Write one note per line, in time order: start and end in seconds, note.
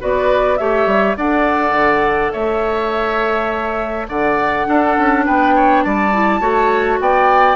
0.00 0.60 B3
0.00 0.58 F#4
0.00 0.59 B4
0.00 0.58 D5
0.58 0.87 A3
0.58 1.17 G4
0.58 1.18 C#5
0.58 1.16 E5
0.87 1.16 G3
1.17 1.72 D4
1.17 4.66 A4
1.17 2.33 D5
1.17 2.33 F#5
1.72 2.30 D3
2.33 4.09 A3
2.33 4.08 C#5
2.33 4.08 E5
4.09 4.67 D3
4.09 4.67 D5
4.09 5.25 F#5
4.66 6.12 D4
4.66 4.98 D4
4.66 5.26 A4
4.98 5.27 C#4
5.26 5.86 B3
5.26 5.55 B4
5.26 5.83 G5
5.56 5.84 C#5
5.83 6.41 G3
5.83 6.41 D5
5.83 7.00 A5
6.13 6.41 E4
6.41 6.99 A3
6.41 7.56 F#4
6.41 6.99 C#5
7.00 7.56 B3
7.00 7.56 D5
7.00 7.56 G5